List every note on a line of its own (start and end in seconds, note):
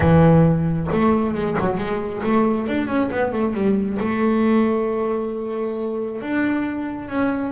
0.00 0.87 E3
0.92 1.34 A3
1.34 1.56 G#3
1.59 1.77 F#3
1.77 2.21 G#3
2.23 2.67 A3
2.67 2.87 D4
2.87 3.09 C#4
3.11 3.32 B3
3.32 3.53 A3
3.53 3.98 G3
3.99 6.21 A3
6.21 7.08 D4
7.08 7.52 C#4